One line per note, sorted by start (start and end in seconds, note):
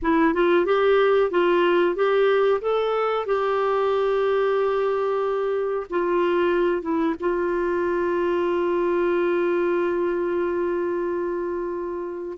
0.01 0.33 E4
0.33 0.65 F4
0.65 1.30 G4
1.30 1.95 F4
1.95 2.61 G4
2.61 3.25 A4
3.25 5.86 G4
5.90 6.82 F4
6.82 7.14 E4
7.19 12.38 F4